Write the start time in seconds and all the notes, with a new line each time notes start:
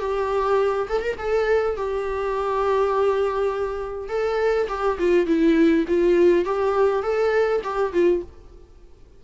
0.00 G4
0.89 A4
1.02 A#4
1.18 A4
1.77 G4
4.09 A4
4.69 G4
4.99 F4
5.27 E4
5.88 F4
6.45 G4
7.03 A4
7.64 G4
7.93 F4